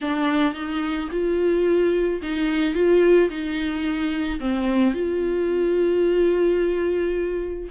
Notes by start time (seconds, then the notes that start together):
0.01 D4
0.54 D#4
1.11 F4
2.21 D#4
2.74 F4
3.29 D#4
4.40 C4
4.94 F4